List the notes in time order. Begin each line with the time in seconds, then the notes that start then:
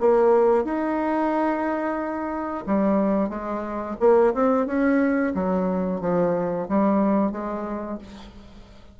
0.00 A#3
0.64 D#4
2.66 G3
3.29 G#3
4.00 A#3
4.34 C4
4.66 C#4
5.35 F#3
6.01 F3
6.68 G3
7.32 G#3